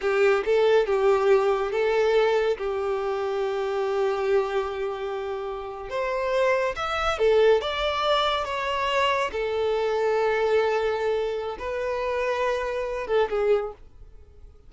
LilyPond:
\new Staff \with { instrumentName = "violin" } { \time 4/4 \tempo 4 = 140 g'4 a'4 g'2 | a'2 g'2~ | g'1~ | g'4.~ g'16 c''2 e''16~ |
e''8. a'4 d''2 cis''16~ | cis''4.~ cis''16 a'2~ a'16~ | a'2. b'4~ | b'2~ b'8 a'8 gis'4 | }